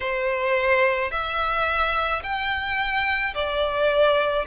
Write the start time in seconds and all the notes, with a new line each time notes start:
0.00 C5
1.11 E5
2.23 G5
3.34 D5